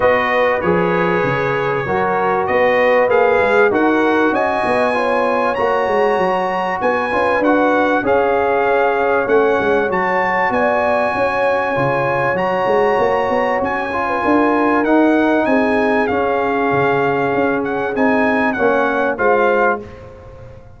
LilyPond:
<<
  \new Staff \with { instrumentName = "trumpet" } { \time 4/4 \tempo 4 = 97 dis''4 cis''2. | dis''4 f''4 fis''4 gis''4~ | gis''4 ais''2 gis''4 | fis''4 f''2 fis''4 |
a''4 gis''2. | ais''2 gis''2 | fis''4 gis''4 f''2~ | f''8 fis''8 gis''4 fis''4 f''4 | }
  \new Staff \with { instrumentName = "horn" } { \time 4/4 b'2. ais'4 | b'2 ais'4 dis''4 | cis''2. b'4~ | b'4 cis''2.~ |
cis''4 d''4 cis''2~ | cis''2~ cis''8. b'16 ais'4~ | ais'4 gis'2.~ | gis'2 cis''4 c''4 | }
  \new Staff \with { instrumentName = "trombone" } { \time 4/4 fis'4 gis'2 fis'4~ | fis'4 gis'4 fis'2 | f'4 fis'2~ fis'8 f'8 | fis'4 gis'2 cis'4 |
fis'2. f'4 | fis'2~ fis'8 f'4. | dis'2 cis'2~ | cis'4 dis'4 cis'4 f'4 | }
  \new Staff \with { instrumentName = "tuba" } { \time 4/4 b4 f4 cis4 fis4 | b4 ais8 gis8 dis'4 cis'8 b8~ | b4 ais8 gis8 fis4 b8 cis'8 | d'4 cis'2 a8 gis8 |
fis4 b4 cis'4 cis4 | fis8 gis8 ais8 b8 cis'4 d'4 | dis'4 c'4 cis'4 cis4 | cis'4 c'4 ais4 gis4 | }
>>